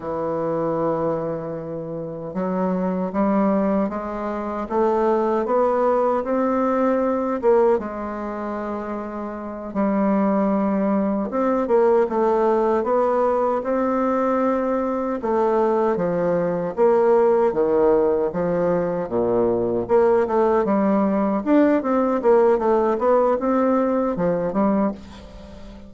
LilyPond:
\new Staff \with { instrumentName = "bassoon" } { \time 4/4 \tempo 4 = 77 e2. fis4 | g4 gis4 a4 b4 | c'4. ais8 gis2~ | gis8 g2 c'8 ais8 a8~ |
a8 b4 c'2 a8~ | a8 f4 ais4 dis4 f8~ | f8 ais,4 ais8 a8 g4 d'8 | c'8 ais8 a8 b8 c'4 f8 g8 | }